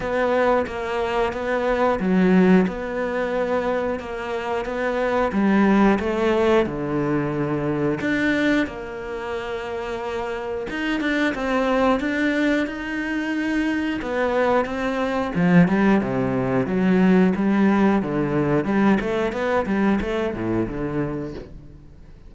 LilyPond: \new Staff \with { instrumentName = "cello" } { \time 4/4 \tempo 4 = 90 b4 ais4 b4 fis4 | b2 ais4 b4 | g4 a4 d2 | d'4 ais2. |
dis'8 d'8 c'4 d'4 dis'4~ | dis'4 b4 c'4 f8 g8 | c4 fis4 g4 d4 | g8 a8 b8 g8 a8 a,8 d4 | }